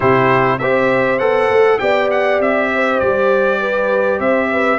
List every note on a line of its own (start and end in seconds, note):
0.00 0.61 C3
0.00 0.59 E4
0.00 0.60 G4
0.00 0.58 C5
0.58 1.20 C4
0.58 1.19 G4
0.58 1.80 C5
0.58 1.18 E5
1.18 1.49 B3
1.18 1.79 A4
1.18 1.78 F#5
1.49 1.79 A3
1.79 2.40 B3
1.79 4.78 G4
1.79 2.71 D5
1.79 2.08 G5
2.10 2.41 F#5
2.40 3.00 C4
2.40 2.99 E5
2.74 3.60 C5
2.99 4.19 G3
2.99 4.19 D5
3.60 4.19 B4
4.19 4.78 C4
4.19 4.49 C5
4.19 4.78 E5
4.51 4.78 B4